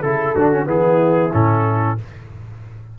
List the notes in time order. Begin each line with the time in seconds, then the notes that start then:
0.00 C#3 E4 A4
0.35 D3 D4 F#4
0.52 C#4
0.65 E3 B3 E4 G#4
1.33 A2 C#4 A4